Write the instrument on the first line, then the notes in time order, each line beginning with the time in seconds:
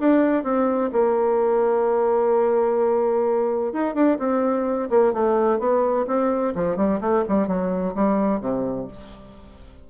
bassoon
0.00 D4
0.44 C4
0.93 A#3
3.73 D#4
3.95 D4
4.19 C4
4.90 A#3
5.13 A3
5.60 B3
6.07 C4
6.55 F3
6.77 G3
7.01 A3
7.29 G3
7.48 F#3
7.95 G3
8.41 C3